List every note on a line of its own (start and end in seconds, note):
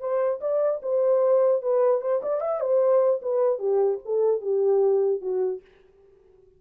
0.00 0.40 C5
0.41 0.81 D5
0.82 1.62 C5
1.62 2.01 B4
2.01 2.21 C5
2.22 2.41 D5
2.41 2.60 E5
2.60 3.20 C5
3.22 3.59 B4
3.59 3.99 G4
4.05 4.41 A4
4.41 5.21 G4
5.21 5.61 F#4